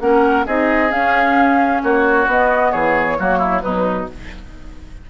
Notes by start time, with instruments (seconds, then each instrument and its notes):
0.00 bassoon A#3, clarinet C#4, oboe A#4, flute F#5
0.45 bassoon C4, clarinet D#4, oboe G#4, flute D#5
0.89 clarinet C#4, bassoon C#4, flute F5
1.83 bassoon A#3, oboe F#4, flute C#5
2.26 bassoon B3, clarinet B3, flute D#5
2.71 bassoon E3, oboe G#4, flute C#5
3.18 bassoon F#3, clarinet A#3, oboe F#4
3.38 oboe E4
3.61 bassoon B2, clarinet F#3, oboe D#4, flute B4